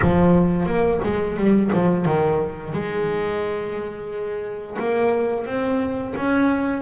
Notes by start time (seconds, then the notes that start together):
0.01 F3
0.65 A#3
1.03 G#3
1.36 G3
1.73 F3
2.05 D#3
2.72 G#3
4.78 A#3
5.45 C4
6.16 C#4